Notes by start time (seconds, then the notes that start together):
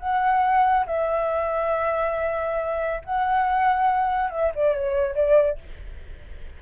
0.00 F#5
0.87 E5
3.05 F#5
4.31 E5
4.56 D5
4.75 C#5
5.16 D5